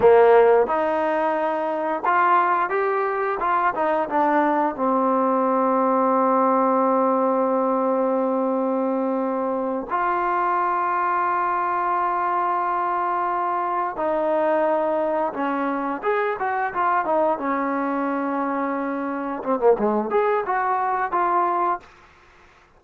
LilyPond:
\new Staff \with { instrumentName = "trombone" } { \time 4/4 \tempo 4 = 88 ais4 dis'2 f'4 | g'4 f'8 dis'8 d'4 c'4~ | c'1~ | c'2~ c'8 f'4.~ |
f'1~ | f'8 dis'2 cis'4 gis'8 | fis'8 f'8 dis'8 cis'2~ cis'8~ | cis'8 c'16 ais16 gis8 gis'8 fis'4 f'4 | }